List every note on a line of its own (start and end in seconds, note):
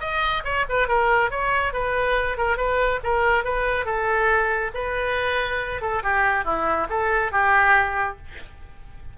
0.00 0.43 D#5
0.44 0.65 C#5
0.69 0.87 B4
0.87 1.30 A#4
1.30 1.73 C#5
1.73 2.37 B4
2.37 2.57 A#4
2.57 3.00 B4
3.03 3.44 A#4
3.44 3.85 B4
3.85 4.71 A4
4.74 5.81 B4
5.81 6.02 A4
6.03 6.44 G4
6.44 6.87 E4
6.89 7.31 A4
7.31 8.17 G4